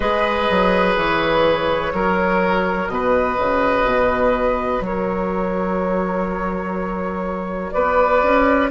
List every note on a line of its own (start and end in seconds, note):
0.00 0.48 G#3
0.00 1.92 G#4
0.00 1.92 B4
0.00 0.94 D#5
0.50 0.96 F#3
0.96 1.93 E3
0.96 2.88 C#5
1.92 2.88 F#3
1.92 8.70 F#4
1.92 2.91 A#4
2.88 3.36 B2
2.88 4.85 B4
2.88 4.82 D#5
3.38 3.84 C#3
3.84 4.80 B2
4.80 7.70 F#3
4.80 7.73 A#4
4.80 7.72 C#5
7.72 8.23 B3
7.72 8.70 B4
7.72 8.68 D5
8.23 8.70 C#4